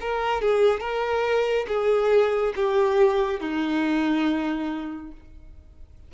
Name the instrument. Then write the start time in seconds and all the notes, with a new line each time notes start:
violin
0.00 A#4
0.41 G#4
0.80 A#4
1.68 G#4
2.55 G4
3.40 D#4